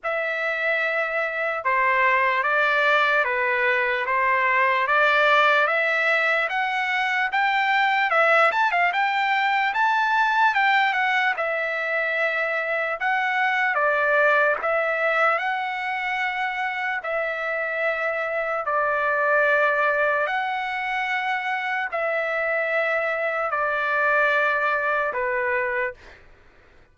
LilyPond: \new Staff \with { instrumentName = "trumpet" } { \time 4/4 \tempo 4 = 74 e''2 c''4 d''4 | b'4 c''4 d''4 e''4 | fis''4 g''4 e''8 a''16 f''16 g''4 | a''4 g''8 fis''8 e''2 |
fis''4 d''4 e''4 fis''4~ | fis''4 e''2 d''4~ | d''4 fis''2 e''4~ | e''4 d''2 b'4 | }